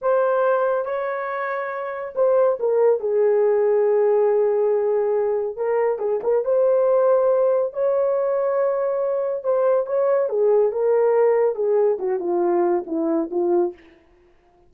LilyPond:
\new Staff \with { instrumentName = "horn" } { \time 4/4 \tempo 4 = 140 c''2 cis''2~ | cis''4 c''4 ais'4 gis'4~ | gis'1~ | gis'4 ais'4 gis'8 ais'8 c''4~ |
c''2 cis''2~ | cis''2 c''4 cis''4 | gis'4 ais'2 gis'4 | fis'8 f'4. e'4 f'4 | }